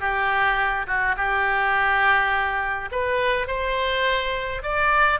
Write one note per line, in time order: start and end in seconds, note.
0.00 0.87 G4
0.87 1.16 F#4
1.17 2.90 G4
2.91 3.47 B4
3.47 4.62 C5
4.63 5.20 D5